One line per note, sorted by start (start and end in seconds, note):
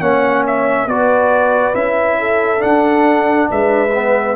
0.00 0.87 A#3
0.00 0.88 C#4
0.00 0.87 C#5
0.00 0.44 F#5
0.47 0.88 E5
0.87 1.74 B3
0.87 1.74 F#4
0.87 2.19 B4
0.87 1.75 D5
1.74 2.62 C#4
1.74 2.59 E4
1.74 2.62 E5
2.19 3.50 A4
2.59 3.89 D4
2.59 3.50 D4
2.59 3.49 F#5
3.51 4.37 G#3
3.51 4.37 B4
3.51 4.37 E5
3.95 4.37 B3